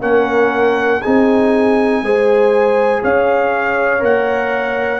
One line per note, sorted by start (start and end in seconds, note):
0.00 1.00 A#3
0.00 1.00 C#4
0.00 1.01 A#4
0.00 1.01 F#5
1.01 2.02 C4
1.01 2.04 D#4
1.01 2.01 G#4
1.01 3.01 G#5
2.02 3.02 G#3
2.02 3.99 G#4
2.02 3.02 C5
3.02 4.02 C#4
3.02 5.00 C#5
3.02 4.03 F5
3.99 5.00 A#3
3.99 4.99 A#4
3.99 5.00 F#5